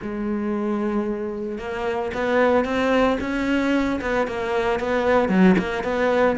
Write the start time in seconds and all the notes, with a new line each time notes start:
0.01 G#3
1.58 A#3
2.14 B3
2.64 C4
3.20 C#4
4.01 B3
4.27 A#3
4.79 B3
5.29 F#3
5.58 A#3
5.83 B3